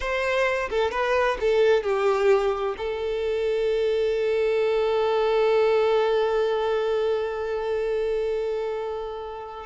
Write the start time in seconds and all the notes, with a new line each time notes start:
0.00 C5
0.70 A4
0.91 B4
1.40 A4
1.83 G4
2.77 A4